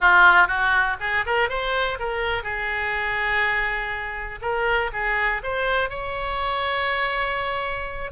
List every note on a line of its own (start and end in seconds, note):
0.00 0.47 F4
0.47 0.96 F#4
1.00 1.24 G#4
1.26 1.49 A#4
1.49 1.98 C5
1.99 2.43 A#4
2.43 4.39 G#4
4.41 4.90 A#4
4.92 5.42 G#4
5.43 5.89 C5
5.89 8.11 C#5